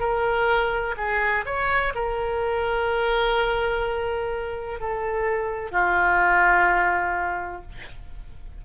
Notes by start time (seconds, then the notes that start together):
0.00 A#4
0.98 G#4
1.46 C#5
1.95 A#4
4.81 A4
5.72 F4